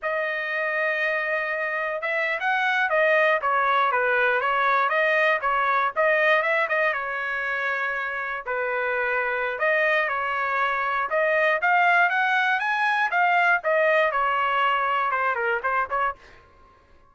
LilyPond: \new Staff \with { instrumentName = "trumpet" } { \time 4/4 \tempo 4 = 119 dis''1 | e''8. fis''4 dis''4 cis''4 b'16~ | b'8. cis''4 dis''4 cis''4 dis''16~ | dis''8. e''8 dis''8 cis''2~ cis''16~ |
cis''8. b'2~ b'16 dis''4 | cis''2 dis''4 f''4 | fis''4 gis''4 f''4 dis''4 | cis''2 c''8 ais'8 c''8 cis''8 | }